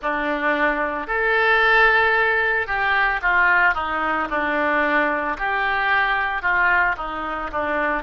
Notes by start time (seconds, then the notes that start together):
0.02 D4
1.07 A4
2.66 G4
3.21 F4
3.74 D#4
4.30 D4
5.37 G4
6.41 F4
6.97 D#4
7.51 D4